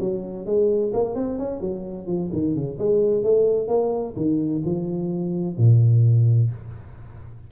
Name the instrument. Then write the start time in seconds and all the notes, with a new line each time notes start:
tuba
0.00 F#3
0.45 G#3
0.93 A#3
1.15 C4
1.39 C#4
1.61 F#3
2.07 F3
2.33 D#3
2.55 C#3
2.79 G#3
3.23 A3
3.68 A#3
4.16 D#3
4.65 F3
5.57 A#2